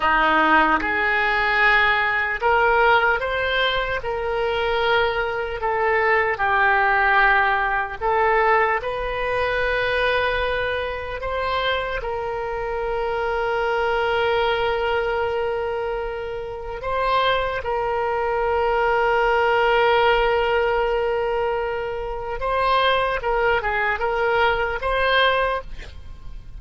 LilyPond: \new Staff \with { instrumentName = "oboe" } { \time 4/4 \tempo 4 = 75 dis'4 gis'2 ais'4 | c''4 ais'2 a'4 | g'2 a'4 b'4~ | b'2 c''4 ais'4~ |
ais'1~ | ais'4 c''4 ais'2~ | ais'1 | c''4 ais'8 gis'8 ais'4 c''4 | }